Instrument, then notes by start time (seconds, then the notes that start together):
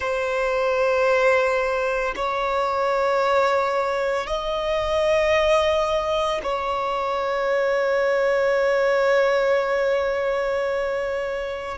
violin
0.00 C5
2.15 C#5
4.27 D#5
6.43 C#5